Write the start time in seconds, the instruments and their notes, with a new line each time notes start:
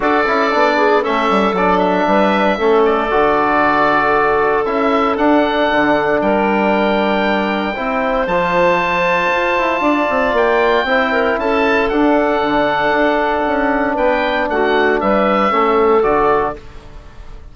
0.00 bassoon D4, trombone F#4, clarinet A4, oboe D5
0.26 bassoon C#4, trombone E4
0.51 bassoon B3, trombone D4
0.76 clarinet G#4
1.02 bassoon A3, trombone C#4, clarinet A4, oboe E5
1.29 bassoon G3
1.52 bassoon F#3, trombone D4, oboe D5
1.78 oboe E5
2.07 bassoon G3, clarinet B4
2.58 bassoon A3, trombone C#4, clarinet A4
2.85 oboe D5
3.10 bassoon D3, trombone F#4
4.65 bassoon C#4, trombone E4, oboe E5
5.16 trombone D4, bassoon D4, oboe F#5
5.71 bassoon D3
6.21 bassoon G3, clarinet A#4, oboe G5
7.74 bassoon C4, trombone E4, clarinet C5
8.26 bassoon F3, trombone F4, oboe A5
9.32 bassoon F4
9.58 bassoon E4
9.80 bassoon D4, clarinet D5
10.09 bassoon C4
10.32 bassoon A#3, oboe G5
10.83 bassoon C4, trombone E4, clarinet C5
11.12 clarinet A#4
11.37 bassoon C#4, clarinet A4, oboe A5
11.89 bassoon D4, trombone D4, oboe F#5
12.42 bassoon D3
12.90 bassoon D4
13.46 bassoon C#4
13.94 bassoon B3, clarinet B4, oboe G5
14.48 bassoon A3, clarinet F#4, oboe F#5
15.00 bassoon G3, clarinet B4, oboe E5
15.50 bassoon A3, trombone C#4, clarinet A4
16.02 bassoon D3, trombone F#4, oboe D5